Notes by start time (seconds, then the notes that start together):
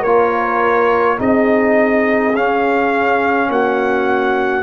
0.00 A#3 F4 A#4 C#5
1.18 C4 D#4 G#4 D#5
2.35 C#4 F5
3.49 A#3 F#4 F#5